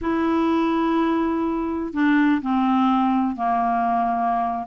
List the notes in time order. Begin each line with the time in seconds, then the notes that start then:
0.01 E4
1.93 D4
2.41 C4
3.36 A#3